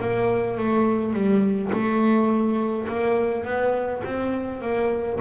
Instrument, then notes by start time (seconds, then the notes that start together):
double bass
0.00 A#3
0.58 A3
1.13 G3
1.73 A3
2.88 A#3
3.45 B3
4.04 C4
4.62 A#3